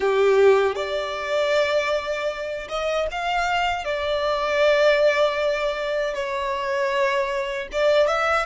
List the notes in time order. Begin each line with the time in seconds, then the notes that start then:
0.00 G4
0.75 D5
2.69 D#5
3.11 F5
3.84 D5
6.14 C#5
7.72 D5
8.07 E5